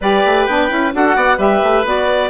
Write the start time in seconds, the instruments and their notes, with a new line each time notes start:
0.00 bassoon G3, saxophone G4, oboe B4, clarinet D5
0.25 bassoon A3
0.45 bassoon B3, saxophone D4, clarinet G5
0.68 bassoon C#4, saxophone E4
0.92 bassoon D4, saxophone F#4, oboe A4, clarinet F#5
1.15 bassoon B3, oboe D5
1.37 bassoon G3, saxophone G4, oboe B4, clarinet E5
1.62 bassoon A3
1.84 bassoon B3, saxophone F#4, clarinet D5